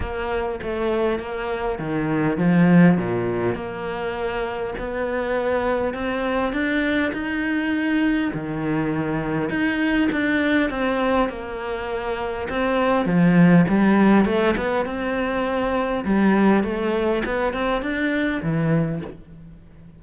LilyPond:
\new Staff \with { instrumentName = "cello" } { \time 4/4 \tempo 4 = 101 ais4 a4 ais4 dis4 | f4 ais,4 ais2 | b2 c'4 d'4 | dis'2 dis2 |
dis'4 d'4 c'4 ais4~ | ais4 c'4 f4 g4 | a8 b8 c'2 g4 | a4 b8 c'8 d'4 e4 | }